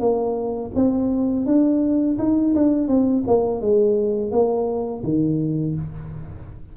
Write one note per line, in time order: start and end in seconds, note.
0.00 0.71 A#3
0.75 1.46 C4
1.46 2.18 D4
2.19 2.55 D#4
2.55 2.88 D4
2.88 3.24 C4
3.27 3.61 A#3
3.61 4.31 G#3
4.31 5.03 A#3
5.04 5.75 D#3